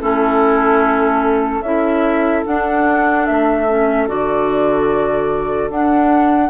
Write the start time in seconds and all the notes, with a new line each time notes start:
0.00 A3 C#4 E4 A4
1.61 C#4 E4 A4 E5
2.45 D4 F#5
3.26 A3 E5
3.68 C#4
4.08 D3 F#4 D5
5.69 D4 F#5